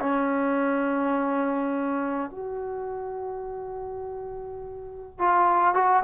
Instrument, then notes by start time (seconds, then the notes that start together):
trombone
0.00 C#4
2.31 F#4
5.19 F4
5.75 F#4